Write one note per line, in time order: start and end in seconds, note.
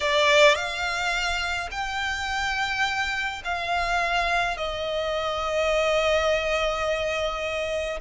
0.00 0.55 D5
0.55 1.69 F5
1.71 3.42 G5
3.44 4.57 F5
4.57 8.00 D#5